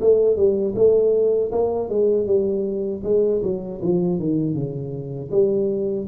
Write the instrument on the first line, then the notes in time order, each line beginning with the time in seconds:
tuba
0.00 A3
0.36 G3
0.75 A3
1.52 A#3
1.89 G#3
2.26 G3
3.03 G#3
3.42 F#3
3.82 F3
4.19 D#3
4.54 C#3
5.31 G3